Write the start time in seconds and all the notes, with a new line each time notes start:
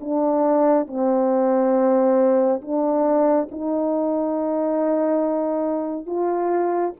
0.00 D4
0.87 C4
2.61 D4
3.51 D#4
6.06 F4